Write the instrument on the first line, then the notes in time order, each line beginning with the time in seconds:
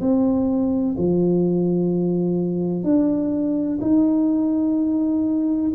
tuba
0.00 C4
0.97 F3
2.84 D4
3.81 D#4